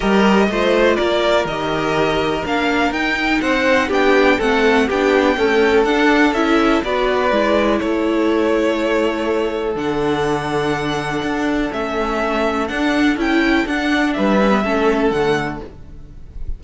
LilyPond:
<<
  \new Staff \with { instrumentName = "violin" } { \time 4/4 \tempo 4 = 123 dis''2 d''4 dis''4~ | dis''4 f''4 g''4 fis''4 | g''4 fis''4 g''2 | fis''4 e''4 d''2 |
cis''1 | fis''1 | e''2 fis''4 g''4 | fis''4 e''2 fis''4 | }
  \new Staff \with { instrumentName = "violin" } { \time 4/4 ais'4 c''4 ais'2~ | ais'2. c''4 | g'4 a'4 g'4 a'4~ | a'2 b'2 |
a'1~ | a'1~ | a'1~ | a'4 b'4 a'2 | }
  \new Staff \with { instrumentName = "viola" } { \time 4/4 g'4 f'2 g'4~ | g'4 d'4 dis'2 | d'4 c'4 d'4 a4 | d'4 e'4 fis'4 e'4~ |
e'1 | d'1 | cis'2 d'4 e'4 | d'4. cis'16 b16 cis'4 a4 | }
  \new Staff \with { instrumentName = "cello" } { \time 4/4 g4 a4 ais4 dis4~ | dis4 ais4 dis'4 c'4 | b4 a4 b4 cis'4 | d'4 cis'4 b4 gis4 |
a1 | d2. d'4 | a2 d'4 cis'4 | d'4 g4 a4 d4 | }
>>